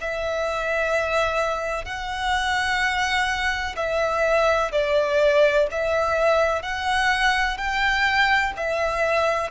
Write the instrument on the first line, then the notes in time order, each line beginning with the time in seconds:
violin
0.00 E5
1.84 F#5
3.76 E5
4.71 D5
5.71 E5
6.62 F#5
7.57 G5
8.56 E5